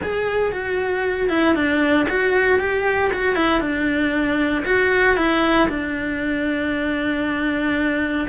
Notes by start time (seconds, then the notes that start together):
0.03 G#4
0.51 F#4
1.29 E4
1.55 D4
2.09 F#4
2.59 G4
3.12 F#4
3.35 E4
3.60 D4
4.65 F#4
5.16 E4
5.68 D4